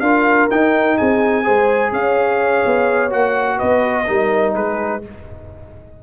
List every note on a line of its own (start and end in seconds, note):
0.00 0.48 D4
0.00 0.50 F4
0.00 0.98 A#4
0.00 0.48 F5
0.50 0.98 D#4
0.50 1.44 D#4
0.50 0.97 G5
0.97 1.48 C4
0.97 1.44 G#4
0.97 1.92 G#5
1.44 1.92 G#3
1.44 3.10 G#4
1.44 1.92 C5
1.92 2.63 C#4
1.92 3.57 C#5
1.92 3.12 F5
2.66 3.13 B3
3.10 3.61 A#3
3.10 4.05 F#4
3.10 3.59 F#5
3.57 4.09 B3
3.57 4.05 B4
3.57 4.54 D#5
4.06 4.55 G3
4.06 5.01 D#4
4.06 4.55 A#4
4.55 5.03 G#3
4.55 5.03 G#4
4.55 5.02 B4